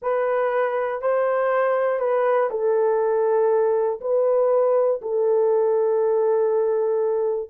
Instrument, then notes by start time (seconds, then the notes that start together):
horn
0.02 B4
1.01 C5
1.99 B4
2.50 A4
4.00 B4
5.01 A4